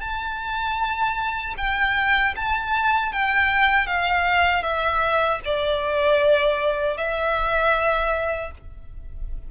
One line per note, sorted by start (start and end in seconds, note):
0.00 1.54 A5
1.57 2.34 G5
2.36 3.12 A5
3.12 3.86 G5
3.86 4.63 F5
4.63 5.40 E5
5.45 6.97 D5
6.97 8.51 E5